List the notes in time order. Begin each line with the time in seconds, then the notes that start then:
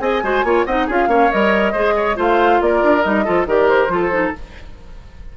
0.00 C4 G#4 D#5 G#5
0.23 G#3 F#4 C5
0.44 A#3 F4 C#5
0.66 C4 D#4 D#5 F#5
0.87 C#4 F4 G#4 F5
1.08 A#3 C#4 C#5
1.32 G3 A#4 D#5
1.72 G#3 G#4 C5
1.96 C#5
2.15 A3 F4 C5 F5
2.61 A#3 A#4 D5
2.83 D4
3.03 G3 D#4 D#5
3.25 F3 F4 A4
3.46 D#3 G4 A#4 D5
3.68 C5
3.89 F3 F4 A4
4.11 D#4